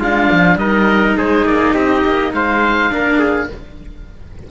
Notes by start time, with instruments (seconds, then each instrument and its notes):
0.00 cello G#3 D4, trumpet F4, oboe F5
0.32 cello F3
0.56 cello G3 D#4, trumpet A#4, oboe D#5
1.18 cello G#3, trumpet G#4, oboe C5
1.45 cello A#3, oboe D5
1.74 cello C4, trumpet G4, oboe D#5
2.05 cello A#3
2.33 cello G#3, trumpet C5, oboe F5
2.90 cello A#3 D4, trumpet A#4
3.19 trumpet G#4